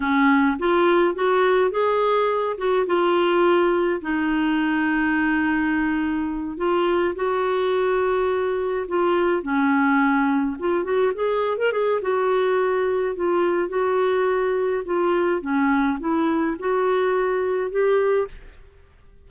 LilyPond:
\new Staff \with { instrumentName = "clarinet" } { \time 4/4 \tempo 4 = 105 cis'4 f'4 fis'4 gis'4~ | gis'8 fis'8 f'2 dis'4~ | dis'2.~ dis'8 f'8~ | f'8 fis'2. f'8~ |
f'8 cis'2 f'8 fis'8 gis'8~ | gis'16 ais'16 gis'8 fis'2 f'4 | fis'2 f'4 cis'4 | e'4 fis'2 g'4 | }